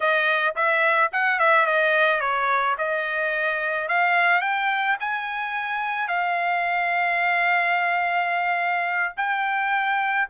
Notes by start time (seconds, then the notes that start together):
0.00 D#5
0.55 E5
1.12 F#5
1.39 E5
1.65 D#5
2.20 C#5
2.78 D#5
3.88 F5
4.41 G5
4.99 G#5
6.08 F5
9.16 G5